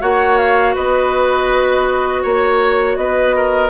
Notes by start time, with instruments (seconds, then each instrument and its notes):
0.00 bassoon A#3, clarinet F#4, oboe C#5, flute F#5
0.38 flute F5
0.75 bassoon B3, oboe B4, flute D#5
2.23 bassoon A#3, oboe C#5, flute C#5
2.97 bassoon B3, oboe B4, flute D#5
3.36 oboe A#4